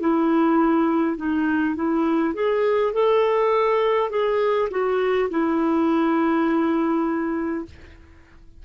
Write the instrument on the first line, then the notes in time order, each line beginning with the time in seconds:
clarinet
0.00 E4
1.17 D#4
1.75 E4
2.34 G#4
2.93 A4
4.10 G#4
4.70 F#4
5.30 E4